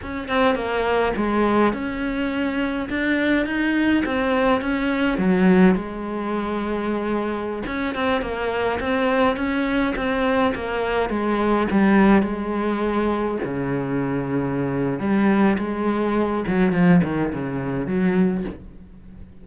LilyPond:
\new Staff \with { instrumentName = "cello" } { \time 4/4 \tempo 4 = 104 cis'8 c'8 ais4 gis4 cis'4~ | cis'4 d'4 dis'4 c'4 | cis'4 fis4 gis2~ | gis4~ gis16 cis'8 c'8 ais4 c'8.~ |
c'16 cis'4 c'4 ais4 gis8.~ | gis16 g4 gis2 cis8.~ | cis2 g4 gis4~ | gis8 fis8 f8 dis8 cis4 fis4 | }